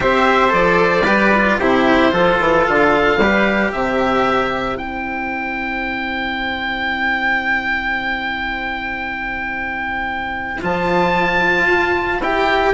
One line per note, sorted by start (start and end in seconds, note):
0.00 0.52 C4
0.00 0.49 G4
0.00 1.04 C5
0.00 0.53 E5
0.49 1.05 F3
0.49 1.02 A4
0.49 1.59 D5
1.04 1.58 G3
1.04 1.33 G4
1.04 1.57 B4
1.34 1.61 F4
1.59 2.12 C3
1.59 2.11 E4
1.59 2.12 G4
1.59 2.65 C5
2.11 2.38 F3
2.11 3.18 F4
2.11 3.19 A4
2.39 2.66 E3
2.67 3.16 D3
2.67 3.71 F5
3.16 3.70 G3
3.16 4.75 G4
3.16 3.71 B4
3.71 4.78 C3
3.71 12.74 C5
3.71 4.77 E5
4.75 10.62 C4
4.75 10.59 E4
4.75 10.61 G5
10.61 11.67 F3
10.61 12.20 F4
10.61 12.22 A5
11.67 12.20 F4
12.20 12.73 E4
12.20 12.74 G4
12.20 12.74 G5